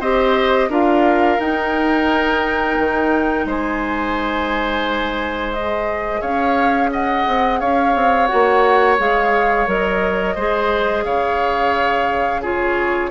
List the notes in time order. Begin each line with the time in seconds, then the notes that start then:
0.00 C4 G4 C5 D#5
0.69 D4 F4 A#4 F5
1.39 D#4 G5
2.79 D#3
3.45 G#3 C5 G#5
5.53 G#4 D#5
6.21 C#4 C#5 F5
6.92 D#5 F#5
7.27 C4
7.60 C#4 C#5 F5
7.95 C4
8.27 F#4 F#5
8.33 A#3
8.99 G#3 G#4 F5
9.67 F#3 A#4 D#5
10.35 G#3 G#4 C5
11.04 C#3 C#5 F5
12.41 F4 G#4 C#5